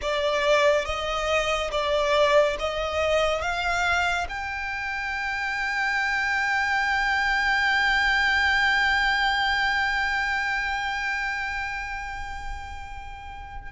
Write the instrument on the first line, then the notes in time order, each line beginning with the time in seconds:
violin
0.01 D5
0.85 D#5
1.71 D5
2.59 D#5
3.41 F5
4.29 G5